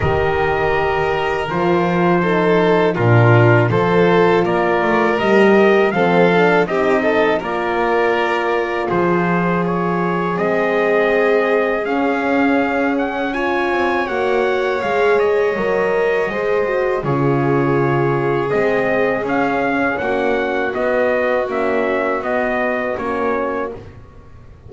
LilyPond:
<<
  \new Staff \with { instrumentName = "trumpet" } { \time 4/4 \tempo 4 = 81 dis''2 c''2 | ais'4 c''4 d''4 dis''4 | f''4 dis''4 d''2 | c''4 cis''4 dis''2 |
f''4. fis''8 gis''4 fis''4 | f''8 dis''2~ dis''8 cis''4~ | cis''4 dis''4 f''4 fis''4 | dis''4 e''4 dis''4 cis''4 | }
  \new Staff \with { instrumentName = "violin" } { \time 4/4 ais'2. a'4 | f'4 a'4 ais'2 | a'4 g'8 a'8 ais'2 | gis'1~ |
gis'2 cis''2~ | cis''2 c''4 gis'4~ | gis'2. fis'4~ | fis'1 | }
  \new Staff \with { instrumentName = "horn" } { \time 4/4 g'2 f'4 dis'4 | d'4 f'2 g'4 | c'8 d'8 dis'4 f'2~ | f'2 c'2 |
cis'2 f'4 fis'4 | gis'4 ais'4 gis'8 fis'8 f'4~ | f'4 c'4 cis'2 | b4 cis'4 b4 cis'4 | }
  \new Staff \with { instrumentName = "double bass" } { \time 4/4 dis2 f2 | ais,4 f4 ais8 a8 g4 | f4 c'4 ais2 | f2 gis2 |
cis'2~ cis'8 c'8 ais4 | gis4 fis4 gis4 cis4~ | cis4 gis4 cis'4 ais4 | b4 ais4 b4 ais4 | }
>>